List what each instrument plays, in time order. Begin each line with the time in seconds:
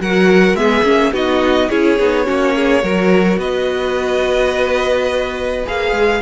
0.00 cello F#3, viola F#4, violin A#4 F#5
0.53 cello G#3, viola B3, violin G#4 E5
0.82 cello A#3, viola C#4
1.12 cello B3, viola D#4, violin F#4 D#5
1.69 cello C#4, viola E4, violin G#4 C#5
1.99 cello B3, viola D#4
2.25 cello A#3, viola C#4, violin F#4
2.55 violin G#4
2.81 cello F#3, viola F#4, violin A#4
3.37 cello B3, violin B4 D#5
5.65 cello A#3, viola G#4, violin F5
5.92 cello G#3